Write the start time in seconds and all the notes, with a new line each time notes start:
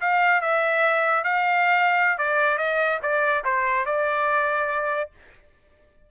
0.00 F5
0.41 E5
1.24 F5
2.18 D5
2.58 D#5
3.02 D5
3.44 C5
3.85 D5